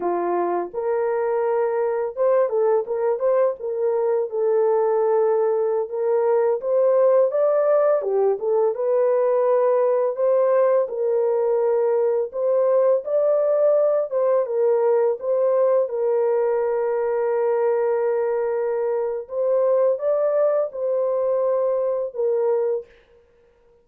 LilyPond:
\new Staff \with { instrumentName = "horn" } { \time 4/4 \tempo 4 = 84 f'4 ais'2 c''8 a'8 | ais'8 c''8 ais'4 a'2~ | a'16 ais'4 c''4 d''4 g'8 a'16~ | a'16 b'2 c''4 ais'8.~ |
ais'4~ ais'16 c''4 d''4. c''16~ | c''16 ais'4 c''4 ais'4.~ ais'16~ | ais'2. c''4 | d''4 c''2 ais'4 | }